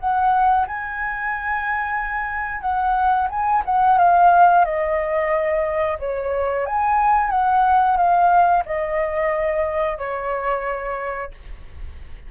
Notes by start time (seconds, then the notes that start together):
0.00 F#5
0.67 G#5
2.62 F#5
3.30 G#5
3.66 F#5
3.98 F5
4.65 D#5
6.00 C#5
6.66 G#5
7.31 F#5
7.97 F5
8.66 D#5
9.98 C#5